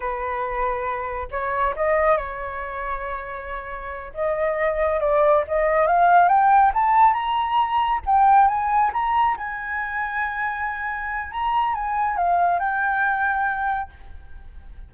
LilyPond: \new Staff \with { instrumentName = "flute" } { \time 4/4 \tempo 4 = 138 b'2. cis''4 | dis''4 cis''2.~ | cis''4. dis''2 d''8~ | d''8 dis''4 f''4 g''4 a''8~ |
a''8 ais''2 g''4 gis''8~ | gis''8 ais''4 gis''2~ gis''8~ | gis''2 ais''4 gis''4 | f''4 g''2. | }